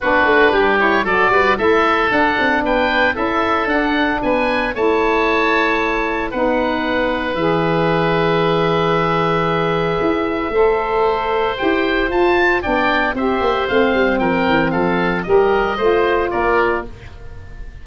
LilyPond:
<<
  \new Staff \with { instrumentName = "oboe" } { \time 4/4 \tempo 4 = 114 b'4. cis''8 d''4 e''4 | fis''4 g''4 e''4 fis''4 | gis''4 a''2. | fis''2 e''2~ |
e''1~ | e''2 g''4 a''4 | g''4 e''4 f''4 g''4 | f''4 dis''2 d''4 | }
  \new Staff \with { instrumentName = "oboe" } { \time 4/4 fis'4 g'4 a'8 b'8 a'4~ | a'4 b'4 a'2 | b'4 cis''2. | b'1~ |
b'1 | c''1 | d''4 c''2 ais'4 | a'4 ais'4 c''4 ais'4 | }
  \new Staff \with { instrumentName = "saxophone" } { \time 4/4 d'4. e'8 fis'4 e'4 | d'2 e'4 d'4~ | d'4 e'2. | dis'2 gis'2~ |
gis'1 | a'2 g'4 f'4 | d'4 g'4 c'2~ | c'4 g'4 f'2 | }
  \new Staff \with { instrumentName = "tuba" } { \time 4/4 b8 a8 g4 fis8 g8 a4 | d'8 c'8 b4 cis'4 d'4 | b4 a2. | b2 e2~ |
e2. e'4 | a2 e'4 f'4 | b4 c'8 ais8 a8 g8 f8 e8 | f4 g4 a4 ais4 | }
>>